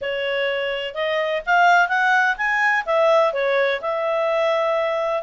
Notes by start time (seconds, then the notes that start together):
0.01 C#5
0.94 D#5
1.45 F5
1.88 F#5
2.37 G#5
2.85 E5
3.33 C#5
3.81 E5